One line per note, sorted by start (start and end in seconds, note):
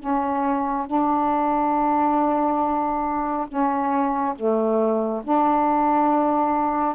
0.00 0.87 C#4
0.87 3.48 D4
3.48 4.35 C#4
4.36 5.23 A3
5.24 6.96 D4